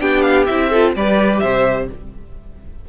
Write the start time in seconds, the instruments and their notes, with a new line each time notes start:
0.00 cello B3, viola D4, violin G4 G5
0.22 violin F5
0.46 cello C4, viola E4, violin E5
0.70 viola F4, violin A4
0.95 cello G3, viola G4, violin B4 D5
1.39 cello C3, violin C5 E5